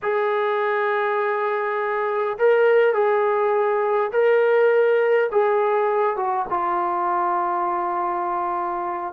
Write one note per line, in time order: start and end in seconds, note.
0.02 2.37 G#4
2.38 2.93 A#4
2.93 4.11 G#4
4.12 5.30 A#4
5.31 6.16 G#4
6.16 6.45 F#4
6.49 9.13 F4